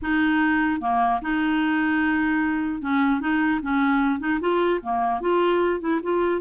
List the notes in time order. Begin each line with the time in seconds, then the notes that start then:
0.02 D#4
0.81 A#3
1.21 D#4
2.81 C#4
3.20 D#4
3.61 C#4
4.19 D#4
4.40 F4
4.82 A#3
5.21 F4
5.80 E4
6.02 F4